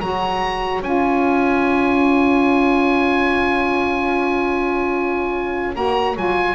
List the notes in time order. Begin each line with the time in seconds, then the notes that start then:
0.00 F#3 F#4 C#5 A#5
0.82 C#4 F4 G#5
5.74 A#3 F#4 A#5
6.16 F#3 F4 G#5